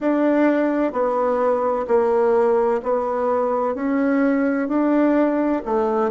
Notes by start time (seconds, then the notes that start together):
0.00 D4
0.92 B3
1.87 A#3
2.83 B3
3.74 C#4
4.68 D4
5.65 A3